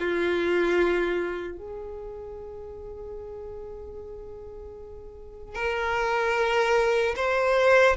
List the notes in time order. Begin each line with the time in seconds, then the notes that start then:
0.00 F4
1.58 G#4
5.56 A#4
7.17 C5